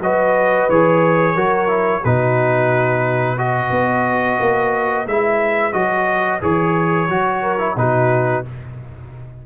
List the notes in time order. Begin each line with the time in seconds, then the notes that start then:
0.00 F#3 F#4 B4 D#5
0.69 E3 G#4 C#5
1.35 F#3 F#4 A#4
1.68 E4
2.04 B2 D#4 F#4 B4
3.38 F#4 B4 D#5
3.70 B3
4.40 A#3
5.06 G#3 E4 E5
5.73 F#3 F#4 D#5
6.41 E3 G#4 C#5
7.09 F#3 F#4
7.41 A#4
7.59 E4
7.76 B2 D#4 F#4 B4